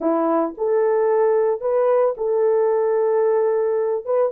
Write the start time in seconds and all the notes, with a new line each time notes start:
0.00 E4
0.57 A4
1.60 B4
2.17 A4
4.05 B4